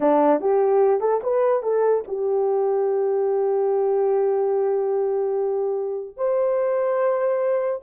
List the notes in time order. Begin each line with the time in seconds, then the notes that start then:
0.00 D4
0.40 G4
1.00 A4
1.23 B4
1.62 A4
2.07 G4
6.16 C5